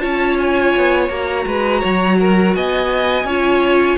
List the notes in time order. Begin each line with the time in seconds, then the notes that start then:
0.00 C#4 F4 C#5 A5
0.38 G#5
0.76 B3
1.09 A#3 F#4 A#5
1.46 G#3 B4
1.81 F#3 C#5
2.20 A#4
2.54 B3 D#5 G#5
3.24 C#4 F4 C#5